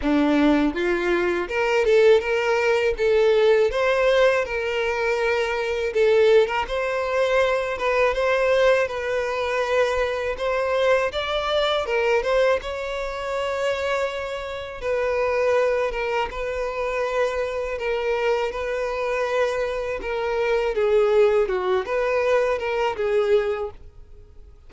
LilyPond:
\new Staff \with { instrumentName = "violin" } { \time 4/4 \tempo 4 = 81 d'4 f'4 ais'8 a'8 ais'4 | a'4 c''4 ais'2 | a'8. ais'16 c''4. b'8 c''4 | b'2 c''4 d''4 |
ais'8 c''8 cis''2. | b'4. ais'8 b'2 | ais'4 b'2 ais'4 | gis'4 fis'8 b'4 ais'8 gis'4 | }